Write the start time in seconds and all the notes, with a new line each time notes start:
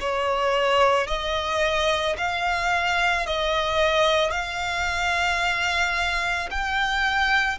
0.00 C#5
1.07 D#5
2.17 F5
3.26 D#5
4.31 F5
6.50 G5